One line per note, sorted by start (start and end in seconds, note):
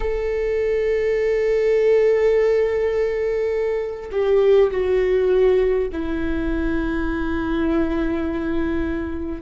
0.00 4.10 A4
4.11 4.70 G4
4.71 5.88 F#4
5.92 9.41 E4